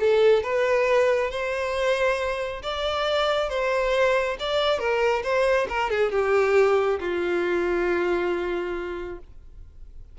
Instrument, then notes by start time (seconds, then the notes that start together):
violin
0.00 A4
0.43 B4
1.31 C5
2.63 D5
3.50 C5
4.40 D5
4.79 A#4
5.24 C5
5.69 A#4
5.90 G#4
6.12 G4
7.00 F4